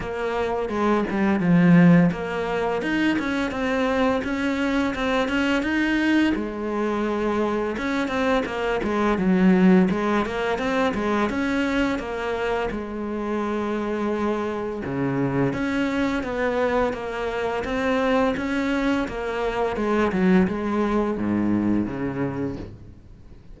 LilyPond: \new Staff \with { instrumentName = "cello" } { \time 4/4 \tempo 4 = 85 ais4 gis8 g8 f4 ais4 | dis'8 cis'8 c'4 cis'4 c'8 cis'8 | dis'4 gis2 cis'8 c'8 | ais8 gis8 fis4 gis8 ais8 c'8 gis8 |
cis'4 ais4 gis2~ | gis4 cis4 cis'4 b4 | ais4 c'4 cis'4 ais4 | gis8 fis8 gis4 gis,4 cis4 | }